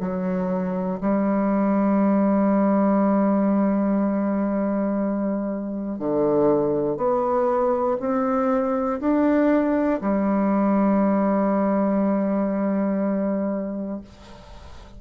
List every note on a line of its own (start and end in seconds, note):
0.00 1.00 F#3
1.01 6.00 G3
6.00 6.97 D3
6.97 7.97 B3
8.00 9.00 C4
9.00 10.00 D4
10.01 14.01 G3